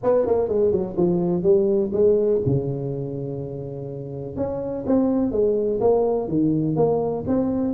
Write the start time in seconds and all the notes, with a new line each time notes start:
0.03 B3
0.26 A#3
0.48 G#3
0.71 F#3
0.97 F3
1.43 G3
1.92 G#3
2.45 C#3
4.36 C#4
4.86 C4
5.31 G#3
5.80 A#3
6.27 D#3
6.76 A#3
7.27 C4